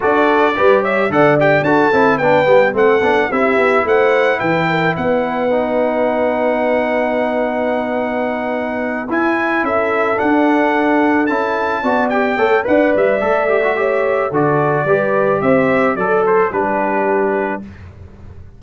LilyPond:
<<
  \new Staff \with { instrumentName = "trumpet" } { \time 4/4 \tempo 4 = 109 d''4. e''8 fis''8 g''8 a''4 | g''4 fis''4 e''4 fis''4 | g''4 fis''2.~ | fis''1~ |
fis''8 gis''4 e''4 fis''4.~ | fis''8 a''4. g''4 fis''8 e''8~ | e''2 d''2 | e''4 d''8 c''8 b'2 | }
  \new Staff \with { instrumentName = "horn" } { \time 4/4 a'4 b'8 cis''8 d''4 a'4 | b'4 a'4 g'4 c''4 | b'8 ais'8 b'2.~ | b'1~ |
b'4. a'2~ a'8~ | a'4. d''4 cis''8 d''4~ | d''4 cis''4 a'4 b'4 | c''4 a'4 g'2 | }
  \new Staff \with { instrumentName = "trombone" } { \time 4/4 fis'4 g'4 a'8 g'8 fis'8 e'8 | d'8 b8 c'8 d'8 e'2~ | e'2 dis'2~ | dis'1~ |
dis'8 e'2 d'4.~ | d'8 e'4 fis'8 g'8 a'8 b'4 | a'8 g'16 fis'16 g'4 fis'4 g'4~ | g'4 a'4 d'2 | }
  \new Staff \with { instrumentName = "tuba" } { \time 4/4 d'4 g4 d4 d'8 c'8 | b8 g8 a8 b8 c'8 b8 a4 | e4 b2.~ | b1~ |
b8 e'4 cis'4 d'4.~ | d'8 cis'4 b4 a8 d'8 g8 | a2 d4 g4 | c'4 fis4 g2 | }
>>